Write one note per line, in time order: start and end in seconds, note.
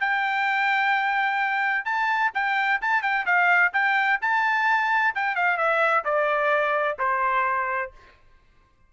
0.00 1.85 G5
1.85 2.31 A5
2.34 2.81 G5
2.81 3.02 A5
3.02 3.25 G5
3.26 3.72 F5
3.73 4.19 G5
4.21 5.14 A5
5.15 5.35 G5
5.35 5.57 F5
5.57 6.04 E5
6.04 6.97 D5
6.98 7.91 C5